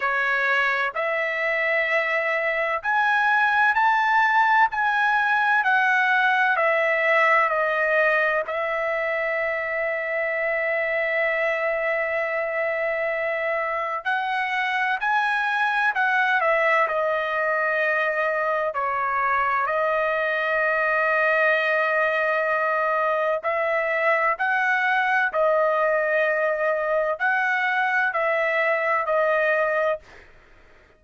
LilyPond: \new Staff \with { instrumentName = "trumpet" } { \time 4/4 \tempo 4 = 64 cis''4 e''2 gis''4 | a''4 gis''4 fis''4 e''4 | dis''4 e''2.~ | e''2. fis''4 |
gis''4 fis''8 e''8 dis''2 | cis''4 dis''2.~ | dis''4 e''4 fis''4 dis''4~ | dis''4 fis''4 e''4 dis''4 | }